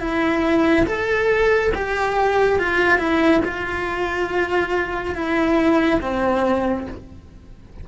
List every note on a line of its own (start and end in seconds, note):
0.00 0.86 E4
0.86 1.72 A4
1.74 2.59 G4
2.59 2.98 F4
2.98 3.41 E4
3.44 5.15 F4
5.15 6.00 E4
6.01 6.86 C4